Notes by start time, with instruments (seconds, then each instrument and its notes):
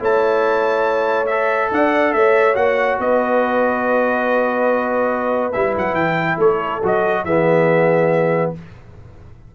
0.00 tuba A3, trombone E4, horn C#5, trumpet A5
1.27 trombone A4, trumpet E5
1.71 tuba D4, horn D5, trumpet F#5
2.13 tuba A3, horn C#5, trumpet E5
2.55 tuba A#3, trombone F#4, trumpet F#5
2.99 tuba B3, horn B4, trumpet D#5
5.53 tuba G3, trombone E4, trumpet E5
5.77 tuba F#3, trumpet F#5
5.93 tuba E3, trumpet G5
6.38 tuba A3, horn A4, trumpet C#5
6.83 tuba F#3, trombone F#4, trumpet D#5
7.25 tuba E3, trombone B3, horn G#4, trumpet E5